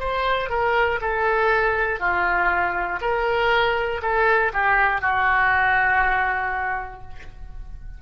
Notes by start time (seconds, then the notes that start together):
0.00 C5
0.50 A#4
1.01 A4
2.00 F4
3.02 A#4
4.02 A4
4.54 G4
5.01 F#4